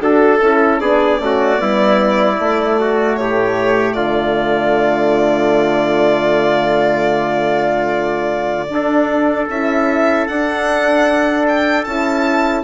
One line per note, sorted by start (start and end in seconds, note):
0.00 0.40 D4
0.00 0.39 F#4
0.00 0.80 A4
0.00 0.81 A4
0.41 0.81 C#4
0.41 0.81 E4
0.80 1.20 B3
0.80 1.19 D4
0.80 1.20 G#4
0.80 3.16 D5
1.19 1.59 A3
1.19 1.57 C#4
1.19 1.61 F#4
1.57 2.39 G3
1.57 2.36 B3
1.57 2.80 E4
2.39 3.18 A3
2.39 8.69 A3
2.80 3.19 F#4
3.16 3.96 A2
3.16 3.96 G4
3.16 3.93 C#5
3.93 8.69 D3
3.93 8.70 F4
3.93 9.46 D5
8.69 9.48 D4
8.69 9.49 D4
8.69 12.63 A4
9.50 10.28 C#4
9.50 10.29 E4
9.50 10.27 E5
10.27 11.87 D4
10.27 11.86 D4
10.27 11.46 F#5
11.48 11.85 G5
11.85 12.63 C#4
11.85 12.63 E4
11.85 12.63 A5